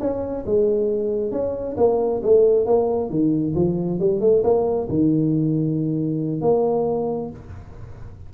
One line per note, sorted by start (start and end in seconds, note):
0.00 0.44 C#4
0.46 1.32 G#3
1.32 1.76 C#4
1.77 2.22 A#3
2.23 2.66 A3
2.66 3.10 A#3
3.10 3.55 D#3
3.55 4.00 F3
4.00 4.20 G3
4.20 4.43 A3
4.44 4.88 A#3
4.89 6.41 D#3
6.41 7.30 A#3